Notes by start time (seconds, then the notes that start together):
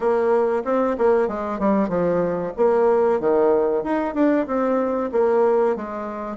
0.00 A#3
0.64 C4
0.97 A#3
1.28 G#3
1.59 G3
1.89 F3
2.56 A#3
3.19 D#3
3.83 D#4
4.14 D4
4.46 C4
5.12 A#3
5.76 G#3